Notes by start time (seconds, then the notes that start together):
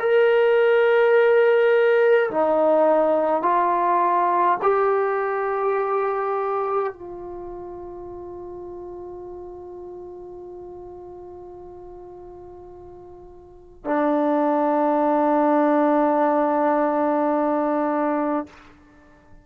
0.00 A#4
2.31 D#4
3.43 F4
4.63 G4
6.93 F4
13.85 D4